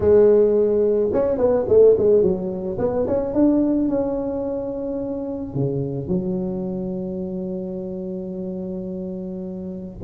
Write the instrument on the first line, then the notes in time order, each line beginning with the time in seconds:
tuba
0.00 G#3
1.12 C#4
1.37 B3
1.68 A3
1.97 G#3
2.22 F#3
2.78 B3
3.07 C#4
3.34 D4
3.88 C#4
5.54 C#3
6.08 F#3